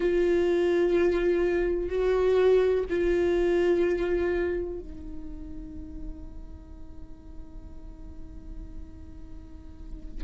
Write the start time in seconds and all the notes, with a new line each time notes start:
0.00 F4
1.89 F#4
2.89 F4
4.79 D#4